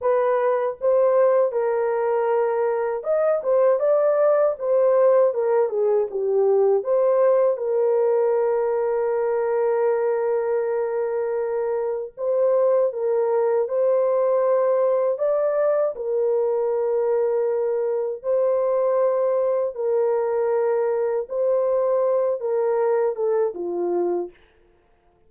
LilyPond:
\new Staff \with { instrumentName = "horn" } { \time 4/4 \tempo 4 = 79 b'4 c''4 ais'2 | dis''8 c''8 d''4 c''4 ais'8 gis'8 | g'4 c''4 ais'2~ | ais'1 |
c''4 ais'4 c''2 | d''4 ais'2. | c''2 ais'2 | c''4. ais'4 a'8 f'4 | }